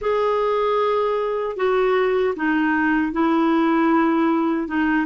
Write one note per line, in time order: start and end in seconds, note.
0.01 1.56 G#4
1.56 2.34 F#4
2.36 3.12 D#4
3.12 4.68 E4
4.68 5.06 D#4